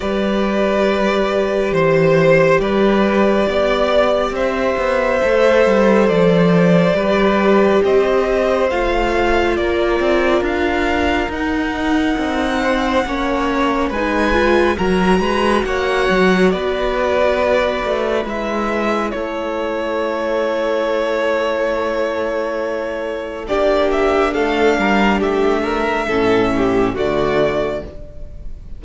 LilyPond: <<
  \new Staff \with { instrumentName = "violin" } { \time 4/4 \tempo 4 = 69 d''2 c''4 d''4~ | d''4 e''2 d''4~ | d''4 dis''4 f''4 d''4 | f''4 fis''2. |
gis''4 ais''4 fis''4 d''4~ | d''4 e''4 cis''2~ | cis''2. d''8 e''8 | f''4 e''2 d''4 | }
  \new Staff \with { instrumentName = "violin" } { \time 4/4 b'2 c''4 b'4 | d''4 c''2. | b'4 c''2 ais'4~ | ais'2~ ais'8 c''8 cis''4 |
b'4 ais'8 b'8 cis''4 b'4~ | b'2 a'2~ | a'2. g'4 | a'8 ais'8 g'8 ais'8 a'8 g'8 fis'4 | }
  \new Staff \with { instrumentName = "viola" } { \time 4/4 g'1~ | g'2 a'2 | g'2 f'2~ | f'4 dis'2 cis'4 |
dis'8 f'8 fis'2.~ | fis'4 e'2.~ | e'2. d'4~ | d'2 cis'4 a4 | }
  \new Staff \with { instrumentName = "cello" } { \time 4/4 g2 e4 g4 | b4 c'8 b8 a8 g8 f4 | g4 c'4 a4 ais8 c'8 | d'4 dis'4 c'4 ais4 |
gis4 fis8 gis8 ais8 fis8 b4~ | b8 a8 gis4 a2~ | a2. ais4 | a8 g8 a4 a,4 d4 | }
>>